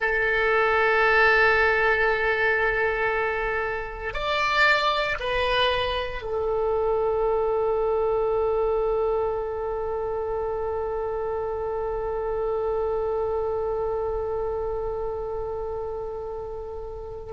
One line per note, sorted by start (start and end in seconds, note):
0.00 4.13 A4
4.13 5.17 D5
5.20 6.22 B4
6.22 17.32 A4